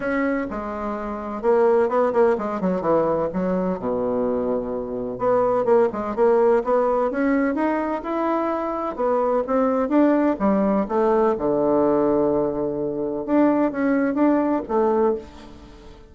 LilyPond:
\new Staff \with { instrumentName = "bassoon" } { \time 4/4 \tempo 4 = 127 cis'4 gis2 ais4 | b8 ais8 gis8 fis8 e4 fis4 | b,2. b4 | ais8 gis8 ais4 b4 cis'4 |
dis'4 e'2 b4 | c'4 d'4 g4 a4 | d1 | d'4 cis'4 d'4 a4 | }